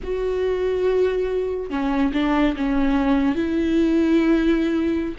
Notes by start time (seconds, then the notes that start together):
0.03 F#4
1.70 C#4
2.13 D4
2.56 C#4
3.35 E4